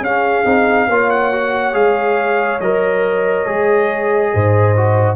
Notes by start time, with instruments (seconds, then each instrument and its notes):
0.00 tuba C#4, trombone C#4, horn G#4, trumpet F5
0.45 tuba C4, trombone D#4
0.88 tuba A#3, trombone F4, horn C#5
1.10 trumpet F#5
1.32 trombone F#4
1.73 tuba G#3, trombone G#4, trumpet F5
2.60 tuba F#3, trombone A#4, trumpet D#5
3.46 tuba G#3, trombone G#4
4.33 tuba G#2, horn C5
4.76 trombone F#4